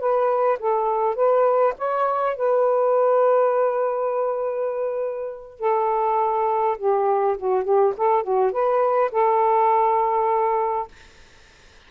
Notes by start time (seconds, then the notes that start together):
0.00 B4
0.59 A4
1.16 B4
1.78 C#5
2.37 B4
5.60 A4
6.78 G4
7.38 F#4
7.64 G4
7.97 A4
8.24 F#4
8.52 B4
9.12 A4